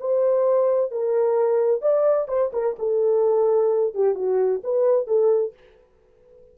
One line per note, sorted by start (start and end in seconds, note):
0.00 0.91 C5
0.91 1.81 A#4
1.81 2.28 D5
2.28 2.51 C5
2.53 2.76 A#4
2.79 3.95 A4
3.95 4.15 G4
4.15 4.61 F#4
4.63 5.07 B4
5.07 5.53 A4